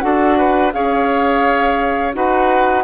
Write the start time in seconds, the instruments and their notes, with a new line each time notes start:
0.00 bassoon D4, clarinet F#4, oboe A4, flute F#5
0.37 oboe B4
0.72 bassoon C#4, clarinet G#4, oboe C#5, flute F5
2.13 bassoon D#4, clarinet F#4, oboe B4, flute F#5